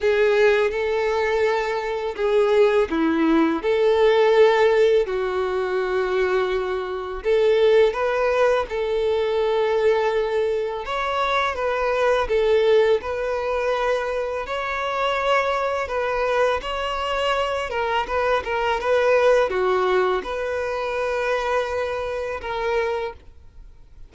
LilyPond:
\new Staff \with { instrumentName = "violin" } { \time 4/4 \tempo 4 = 83 gis'4 a'2 gis'4 | e'4 a'2 fis'4~ | fis'2 a'4 b'4 | a'2. cis''4 |
b'4 a'4 b'2 | cis''2 b'4 cis''4~ | cis''8 ais'8 b'8 ais'8 b'4 fis'4 | b'2. ais'4 | }